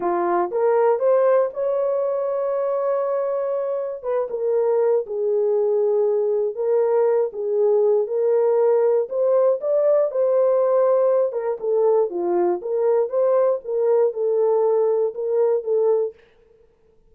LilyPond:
\new Staff \with { instrumentName = "horn" } { \time 4/4 \tempo 4 = 119 f'4 ais'4 c''4 cis''4~ | cis''1 | b'8 ais'4. gis'2~ | gis'4 ais'4. gis'4. |
ais'2 c''4 d''4 | c''2~ c''8 ais'8 a'4 | f'4 ais'4 c''4 ais'4 | a'2 ais'4 a'4 | }